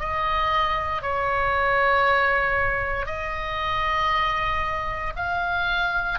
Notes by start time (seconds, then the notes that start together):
0.00 D#5
1.02 C#5
3.07 D#5
5.16 F5